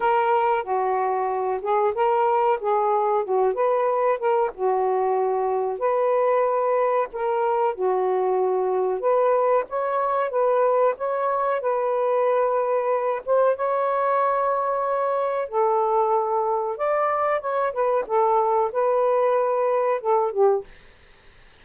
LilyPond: \new Staff \with { instrumentName = "saxophone" } { \time 4/4 \tempo 4 = 93 ais'4 fis'4. gis'8 ais'4 | gis'4 fis'8 b'4 ais'8 fis'4~ | fis'4 b'2 ais'4 | fis'2 b'4 cis''4 |
b'4 cis''4 b'2~ | b'8 c''8 cis''2. | a'2 d''4 cis''8 b'8 | a'4 b'2 a'8 g'8 | }